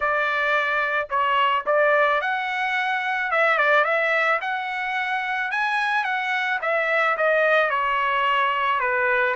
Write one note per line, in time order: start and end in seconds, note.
0.00 1.08 D5
1.09 1.64 C#5
1.66 2.21 D5
2.21 3.31 F#5
3.31 3.58 E5
3.58 3.84 D5
3.84 4.39 E5
4.41 5.51 F#5
5.51 6.04 G#5
6.04 6.59 F#5
6.61 7.16 E5
7.17 7.70 D#5
7.70 8.79 C#5
8.79 9.35 B4